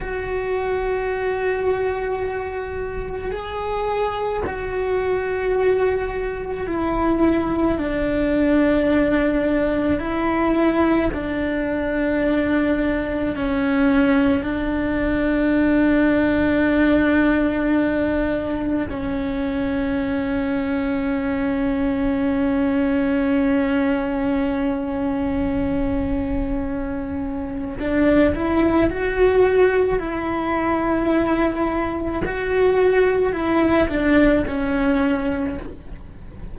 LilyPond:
\new Staff \with { instrumentName = "cello" } { \time 4/4 \tempo 4 = 54 fis'2. gis'4 | fis'2 e'4 d'4~ | d'4 e'4 d'2 | cis'4 d'2.~ |
d'4 cis'2.~ | cis'1~ | cis'4 d'8 e'8 fis'4 e'4~ | e'4 fis'4 e'8 d'8 cis'4 | }